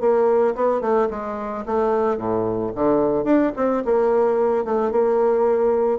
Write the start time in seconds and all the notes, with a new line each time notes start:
0.00 A#3
0.55 B3
0.81 A3
1.10 G#3
1.66 A3
2.17 A2
2.75 D3
3.24 D4
3.56 C4
3.85 A#3
4.65 A3
4.91 A#3